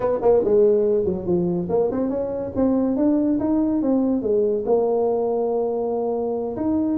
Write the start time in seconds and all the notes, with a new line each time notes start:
0.00 B3
0.22 A#3
0.44 G#3
1.04 F#3
1.25 F3
1.69 A#3
1.91 C4
2.09 C#4
2.55 C4
2.96 D4
3.39 D#4
3.82 C4
4.22 G#3
4.65 A#3
6.56 D#4